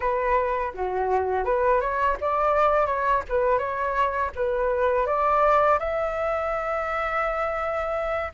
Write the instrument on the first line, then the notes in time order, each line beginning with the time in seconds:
flute
0.00 B4
0.74 F#4
1.45 B4
1.80 C#5
2.20 D5
2.86 C#5
3.29 B4
3.58 C#5
4.35 B4
5.06 D5
5.79 E5